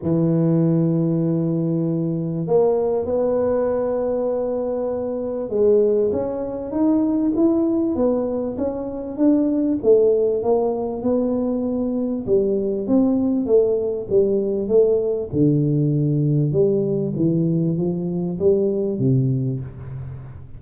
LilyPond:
\new Staff \with { instrumentName = "tuba" } { \time 4/4 \tempo 4 = 98 e1 | ais4 b2.~ | b4 gis4 cis'4 dis'4 | e'4 b4 cis'4 d'4 |
a4 ais4 b2 | g4 c'4 a4 g4 | a4 d2 g4 | e4 f4 g4 c4 | }